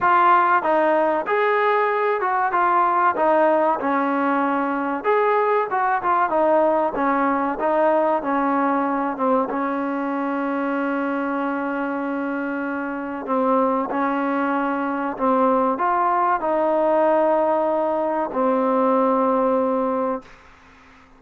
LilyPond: \new Staff \with { instrumentName = "trombone" } { \time 4/4 \tempo 4 = 95 f'4 dis'4 gis'4. fis'8 | f'4 dis'4 cis'2 | gis'4 fis'8 f'8 dis'4 cis'4 | dis'4 cis'4. c'8 cis'4~ |
cis'1~ | cis'4 c'4 cis'2 | c'4 f'4 dis'2~ | dis'4 c'2. | }